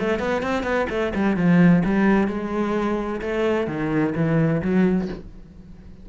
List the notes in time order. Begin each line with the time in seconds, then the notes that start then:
0.00 A3
0.19 B3
0.43 C4
0.63 B3
0.90 A3
1.15 G3
1.37 F3
1.85 G3
2.28 G#3
3.22 A3
3.68 D#3
4.16 E3
4.62 F#3